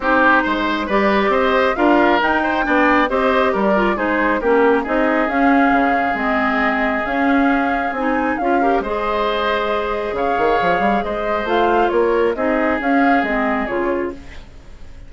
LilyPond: <<
  \new Staff \with { instrumentName = "flute" } { \time 4/4 \tempo 4 = 136 c''2 d''4 dis''4 | f''4 g''2 dis''4 | d''4 c''4 ais'4 dis''4 | f''2 dis''2 |
f''2 gis''4 f''4 | dis''2. f''4~ | f''4 dis''4 f''4 cis''4 | dis''4 f''4 dis''4 cis''4 | }
  \new Staff \with { instrumentName = "oboe" } { \time 4/4 g'4 c''4 b'4 c''4 | ais'4. c''8 d''4 c''4 | ais'4 gis'4 g'4 gis'4~ | gis'1~ |
gis'2.~ gis'8 ais'8 | c''2. cis''4~ | cis''4 c''2 ais'4 | gis'1 | }
  \new Staff \with { instrumentName = "clarinet" } { \time 4/4 dis'2 g'2 | f'4 dis'4 d'4 g'4~ | g'8 f'8 dis'4 cis'4 dis'4 | cis'2 c'2 |
cis'2 dis'4 f'8 g'8 | gis'1~ | gis'2 f'2 | dis'4 cis'4 c'4 f'4 | }
  \new Staff \with { instrumentName = "bassoon" } { \time 4/4 c'4 gis4 g4 c'4 | d'4 dis'4 b4 c'4 | g4 gis4 ais4 c'4 | cis'4 cis4 gis2 |
cis'2 c'4 cis'4 | gis2. cis8 dis8 | f8 g8 gis4 a4 ais4 | c'4 cis'4 gis4 cis4 | }
>>